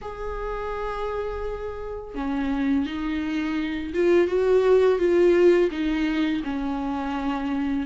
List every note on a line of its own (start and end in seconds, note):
0.01 2.14 G#4
2.14 2.86 C#4
2.86 3.93 D#4
3.93 4.27 F4
4.27 4.98 F#4
4.98 5.70 F4
5.71 6.42 D#4
6.43 7.86 C#4